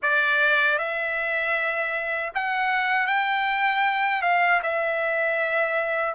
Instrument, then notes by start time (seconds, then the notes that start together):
trumpet
0.02 D5
0.78 E5
2.34 F#5
3.07 G5
4.22 F5
4.62 E5